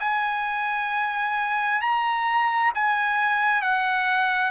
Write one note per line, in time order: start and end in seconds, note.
0.00 1.81 G#5
1.81 2.72 A#5
2.75 3.62 G#5
3.62 4.51 F#5